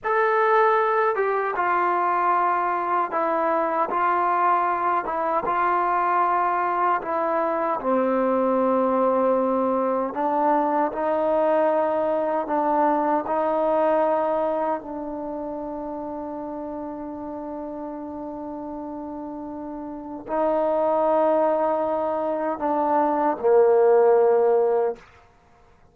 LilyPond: \new Staff \with { instrumentName = "trombone" } { \time 4/4 \tempo 4 = 77 a'4. g'8 f'2 | e'4 f'4. e'8 f'4~ | f'4 e'4 c'2~ | c'4 d'4 dis'2 |
d'4 dis'2 d'4~ | d'1~ | d'2 dis'2~ | dis'4 d'4 ais2 | }